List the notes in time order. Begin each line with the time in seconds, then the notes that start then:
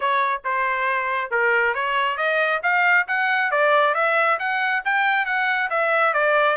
0.00 C#5
0.44 C5
1.31 A#4
1.74 C#5
2.17 D#5
2.63 F5
3.07 F#5
3.51 D5
3.94 E5
4.39 F#5
4.84 G5
5.25 F#5
5.70 E5
6.13 D5